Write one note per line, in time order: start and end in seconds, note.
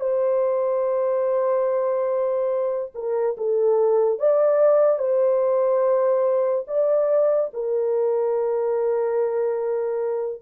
0.00 2.92 C5
2.94 3.36 A#4
3.37 4.19 A4
4.19 4.98 D5
4.98 6.65 C5
6.67 7.50 D5
7.53 10.42 A#4